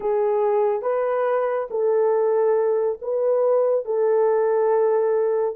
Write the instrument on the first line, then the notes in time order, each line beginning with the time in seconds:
horn
0.00 G#4
0.82 B4
1.70 A4
3.01 B4
3.85 A4